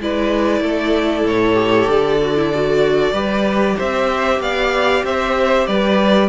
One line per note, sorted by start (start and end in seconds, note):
0.00 0.61 G#3
0.00 1.54 E4
0.00 0.63 B4
0.00 1.27 D5
0.61 1.24 A3
0.61 3.13 A4
1.24 1.87 A2
1.24 1.89 C#5
1.54 2.18 G4
1.87 3.12 D3
1.87 3.79 D5
2.21 2.37 F#4
2.37 2.53 E4
2.54 3.13 F#4
3.12 3.75 G3
3.12 6.29 G4
3.12 3.76 B4
3.77 4.40 C4
3.77 4.40 C5
3.77 4.41 E5
4.40 5.03 B3
4.40 5.05 D5
4.40 5.05 F5
5.04 5.67 C4
5.04 5.68 C5
5.04 5.67 E5
5.67 6.29 G3
5.67 6.29 B4
5.67 6.29 D5